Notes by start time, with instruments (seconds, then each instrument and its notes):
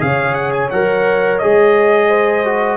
0.00 tuba C#3, trombone G#4, horn C#5, trumpet F5
0.35 trumpet F#5
0.53 trumpet G#5
0.71 tuba F#3, trombone A#4, trumpet F#5
1.39 tuba G#3, trombone G#4, trumpet D#5
2.09 horn C5
2.45 trombone F#4